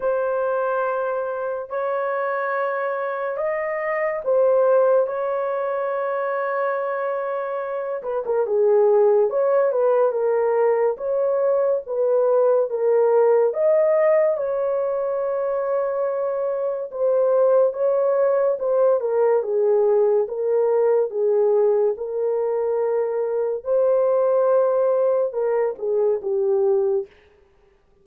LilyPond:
\new Staff \with { instrumentName = "horn" } { \time 4/4 \tempo 4 = 71 c''2 cis''2 | dis''4 c''4 cis''2~ | cis''4. b'16 ais'16 gis'4 cis''8 b'8 | ais'4 cis''4 b'4 ais'4 |
dis''4 cis''2. | c''4 cis''4 c''8 ais'8 gis'4 | ais'4 gis'4 ais'2 | c''2 ais'8 gis'8 g'4 | }